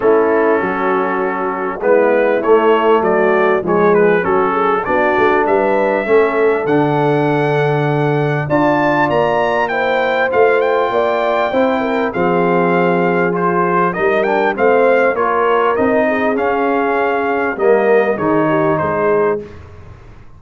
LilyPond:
<<
  \new Staff \with { instrumentName = "trumpet" } { \time 4/4 \tempo 4 = 99 a'2. b'4 | cis''4 d''4 cis''8 b'8 a'4 | d''4 e''2 fis''4~ | fis''2 a''4 ais''4 |
g''4 f''8 g''2~ g''8 | f''2 c''4 dis''8 g''8 | f''4 cis''4 dis''4 f''4~ | f''4 dis''4 cis''4 c''4 | }
  \new Staff \with { instrumentName = "horn" } { \time 4/4 e'4 fis'2 e'4~ | e'4 fis'4 gis'4 fis'8 gis'8 | fis'4 b'4 a'2~ | a'2 d''2 |
c''2 d''4 c''8 ais'8 | gis'2. ais'4 | c''4 ais'4. gis'4.~ | gis'4 ais'4 gis'8 g'8 gis'4 | }
  \new Staff \with { instrumentName = "trombone" } { \time 4/4 cis'2. b4 | a2 gis4 cis'4 | d'2 cis'4 d'4~ | d'2 f'2 |
e'4 f'2 e'4 | c'2 f'4 dis'8 d'8 | c'4 f'4 dis'4 cis'4~ | cis'4 ais4 dis'2 | }
  \new Staff \with { instrumentName = "tuba" } { \time 4/4 a4 fis2 gis4 | a4 fis4 f4 fis4 | b8 a8 g4 a4 d4~ | d2 d'4 ais4~ |
ais4 a4 ais4 c'4 | f2. g4 | a4 ais4 c'4 cis'4~ | cis'4 g4 dis4 gis4 | }
>>